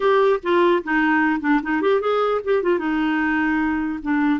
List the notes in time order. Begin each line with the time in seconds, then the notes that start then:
0.00 G4
0.42 F4
0.83 D#4
1.40 D4
1.63 D#4
1.81 G4
2.00 G#4
2.44 G4
2.62 F4
2.78 D#4
4.02 D4